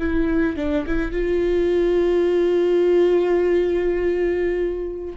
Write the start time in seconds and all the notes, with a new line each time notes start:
0.00 E4
0.57 D4
0.87 E4
1.12 F4